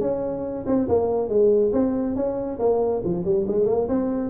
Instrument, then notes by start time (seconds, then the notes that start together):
tuba
0.00 C#4
0.66 C4
0.88 A#3
1.28 G#3
1.72 C4
2.15 C#4
2.59 A#3
3.04 F3
3.24 G3
3.47 G#3
3.66 A#3
3.88 C4